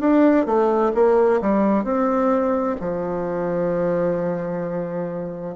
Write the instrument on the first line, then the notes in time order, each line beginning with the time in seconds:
bassoon
0.00 D4
0.46 A3
0.94 A#3
1.41 G3
1.84 C4
2.81 F3